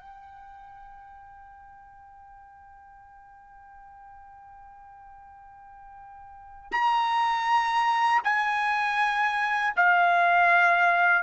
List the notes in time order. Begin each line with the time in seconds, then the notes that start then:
0.00 G5
6.72 A#5
8.24 G#5
9.76 F5